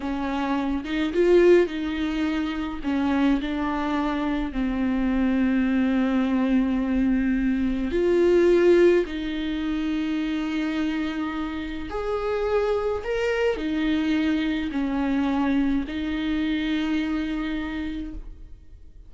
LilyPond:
\new Staff \with { instrumentName = "viola" } { \time 4/4 \tempo 4 = 106 cis'4. dis'8 f'4 dis'4~ | dis'4 cis'4 d'2 | c'1~ | c'2 f'2 |
dis'1~ | dis'4 gis'2 ais'4 | dis'2 cis'2 | dis'1 | }